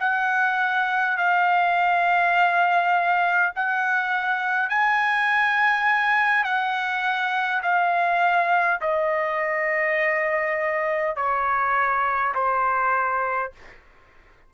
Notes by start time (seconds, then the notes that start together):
0.00 F#5
1.18 F5
3.56 F#5
4.70 G#5
6.44 F#5
7.63 F5
8.81 D#5
11.17 C#5
12.35 C5